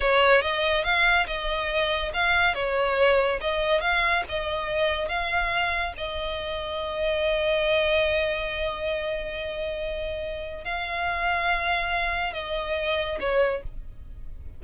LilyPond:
\new Staff \with { instrumentName = "violin" } { \time 4/4 \tempo 4 = 141 cis''4 dis''4 f''4 dis''4~ | dis''4 f''4 cis''2 | dis''4 f''4 dis''2 | f''2 dis''2~ |
dis''1~ | dis''1~ | dis''4 f''2.~ | f''4 dis''2 cis''4 | }